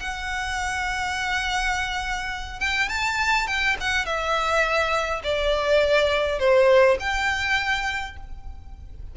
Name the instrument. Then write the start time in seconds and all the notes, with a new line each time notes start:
violin
0.00 F#5
2.60 G5
2.89 A5
3.47 G5
3.80 F#5
4.06 E5
5.24 D5
6.40 C5
7.00 G5